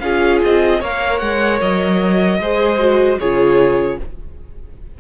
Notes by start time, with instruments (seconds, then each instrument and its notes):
0.00 cello C#4, viola F4, violin G#4 F5
0.44 cello C4, violin D#5
0.79 cello A#3, viola A#4, violin C#5 F5
1.19 cello G#3, violin F#5
1.61 cello F#3, violin D#5
2.40 cello G#3, viola G#4, violin C5
2.79 viola F#4
3.19 cello C#3, viola F4, violin G#4 C#5